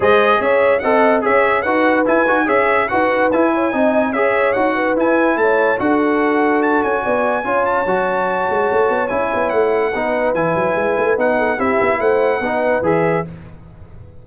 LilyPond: <<
  \new Staff \with { instrumentName = "trumpet" } { \time 4/4 \tempo 4 = 145 dis''4 e''4 fis''4 e''4 | fis''4 gis''4 e''4 fis''4 | gis''2 e''4 fis''4 | gis''4 a''4 fis''2 |
a''8 gis''2 a''4.~ | a''2 gis''4 fis''4~ | fis''4 gis''2 fis''4 | e''4 fis''2 e''4 | }
  \new Staff \with { instrumentName = "horn" } { \time 4/4 c''4 cis''4 dis''4 cis''4 | b'2 cis''4 b'4~ | b'8 cis''8 dis''4 cis''4. b'8~ | b'4 cis''4 a'2~ |
a'4 d''4 cis''2~ | cis''1 | b'2.~ b'8 a'8 | g'4 c''4 b'2 | }
  \new Staff \with { instrumentName = "trombone" } { \time 4/4 gis'2 a'4 gis'4 | fis'4 e'8 fis'8 gis'4 fis'4 | e'4 dis'4 gis'4 fis'4 | e'2 fis'2~ |
fis'2 f'4 fis'4~ | fis'2 e'2 | dis'4 e'2 dis'4 | e'2 dis'4 gis'4 | }
  \new Staff \with { instrumentName = "tuba" } { \time 4/4 gis4 cis'4 c'4 cis'4 | dis'4 e'8 dis'8 cis'4 dis'4 | e'4 c'4 cis'4 dis'4 | e'4 a4 d'2~ |
d'8 cis'8 b4 cis'4 fis4~ | fis8 gis8 a8 b8 cis'8 b8 a4 | b4 e8 fis8 gis8 a8 b4 | c'8 b8 a4 b4 e4 | }
>>